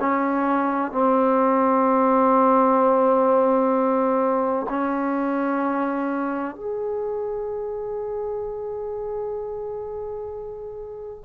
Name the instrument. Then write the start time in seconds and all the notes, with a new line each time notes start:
trombone
0.00 C#4
0.92 C4
4.70 C#4
6.55 G#4